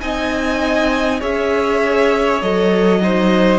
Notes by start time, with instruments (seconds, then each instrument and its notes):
0.00 cello C4, viola D#4, violin D#5 G#5
1.20 cello C#4, viola G#4, violin C#5 E5
2.42 cello F#3, viola A4, violin D#5
3.01 viola D#4, violin C5